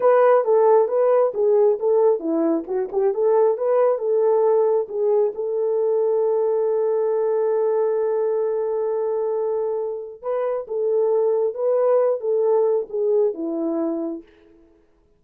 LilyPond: \new Staff \with { instrumentName = "horn" } { \time 4/4 \tempo 4 = 135 b'4 a'4 b'4 gis'4 | a'4 e'4 fis'8 g'8 a'4 | b'4 a'2 gis'4 | a'1~ |
a'1~ | a'2. b'4 | a'2 b'4. a'8~ | a'4 gis'4 e'2 | }